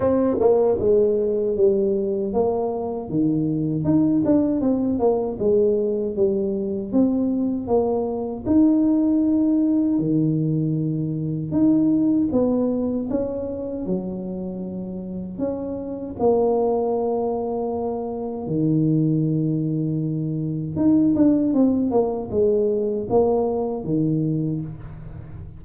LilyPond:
\new Staff \with { instrumentName = "tuba" } { \time 4/4 \tempo 4 = 78 c'8 ais8 gis4 g4 ais4 | dis4 dis'8 d'8 c'8 ais8 gis4 | g4 c'4 ais4 dis'4~ | dis'4 dis2 dis'4 |
b4 cis'4 fis2 | cis'4 ais2. | dis2. dis'8 d'8 | c'8 ais8 gis4 ais4 dis4 | }